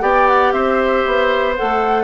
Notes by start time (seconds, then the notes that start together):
0.00 B3 G4 D5 G5
0.27 F#5
0.52 C4 C5 E5
1.06 B3
1.56 A3 A4 F#5